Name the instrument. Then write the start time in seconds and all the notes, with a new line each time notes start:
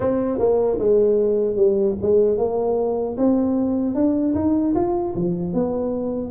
tuba
0.00 C4
0.38 A#3
0.79 G#3
1.56 G3
2.01 G#3
2.37 A#3
3.17 C4
3.95 D4
4.35 D#4
4.74 F4
5.15 F3
5.53 B3